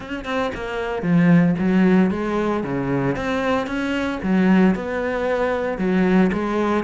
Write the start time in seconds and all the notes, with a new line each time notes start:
0.00 C#4
0.24 C4
0.54 A#3
1.02 F3
1.58 F#3
2.11 G#3
2.63 C#3
3.16 C4
3.66 C#4
4.22 F#3
4.75 B3
5.78 F#3
6.32 G#3